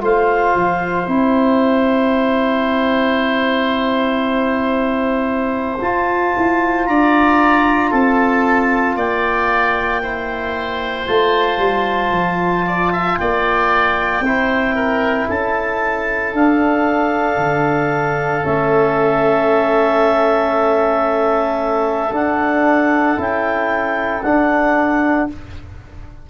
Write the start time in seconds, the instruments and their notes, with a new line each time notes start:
0.00 tuba A3, trombone F4, oboe C5, clarinet F5
0.55 tuba F3
1.04 tuba C4, trombone E4, clarinet G5
5.81 tuba F4, trombone F4, clarinet A5
6.37 tuba E4
6.86 tuba D4, oboe D5, clarinet A#5
7.91 tuba C4, oboe A4, clarinet A5
8.95 tuba A#3, oboe D5, clarinet G5
10.02 trombone E4, oboe C5
11.06 tuba A3, trombone F4, clarinet A5
11.57 tuba G3
12.11 tuba F3
12.66 oboe D5
12.92 oboe E5
13.17 tuba A#3, oboe D5, clarinet G5
14.20 tuba C4, trombone E4, oboe C5
14.75 oboe A#4
15.29 tuba C#4, oboe A4, clarinet A5
16.33 tuba D4, trombone D4, clarinet F5
17.36 tuba D3
18.42 tuba A3, trombone C#4, clarinet E5
22.11 tuba D4, trombone D4, clarinet F#5
23.17 tuba C#4, trombone E4, clarinet G5
24.22 trombone D4, tuba D4, clarinet F#5